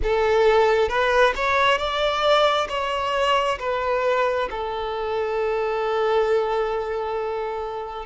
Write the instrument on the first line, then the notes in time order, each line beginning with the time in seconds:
violin
0.02 A4
0.88 B4
1.35 C#5
1.78 D5
2.69 C#5
3.59 B4
4.50 A4